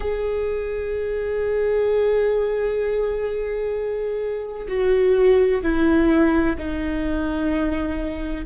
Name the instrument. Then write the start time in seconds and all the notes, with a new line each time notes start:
viola
0.00 G#4
4.68 F#4
5.62 E4
6.58 D#4